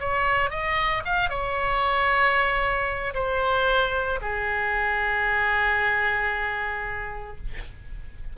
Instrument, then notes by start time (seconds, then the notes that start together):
oboe
0.00 C#5
0.50 D#5
1.05 F5
1.30 C#5
3.14 C5
4.22 G#4